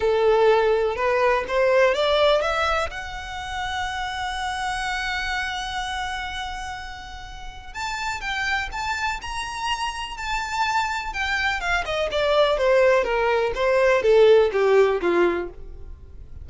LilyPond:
\new Staff \with { instrumentName = "violin" } { \time 4/4 \tempo 4 = 124 a'2 b'4 c''4 | d''4 e''4 fis''2~ | fis''1~ | fis''1 |
a''4 g''4 a''4 ais''4~ | ais''4 a''2 g''4 | f''8 dis''8 d''4 c''4 ais'4 | c''4 a'4 g'4 f'4 | }